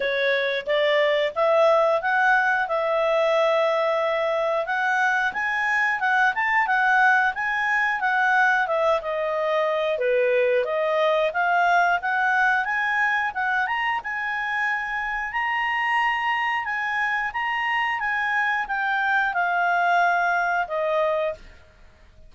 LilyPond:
\new Staff \with { instrumentName = "clarinet" } { \time 4/4 \tempo 4 = 90 cis''4 d''4 e''4 fis''4 | e''2. fis''4 | gis''4 fis''8 a''8 fis''4 gis''4 | fis''4 e''8 dis''4. b'4 |
dis''4 f''4 fis''4 gis''4 | fis''8 ais''8 gis''2 ais''4~ | ais''4 gis''4 ais''4 gis''4 | g''4 f''2 dis''4 | }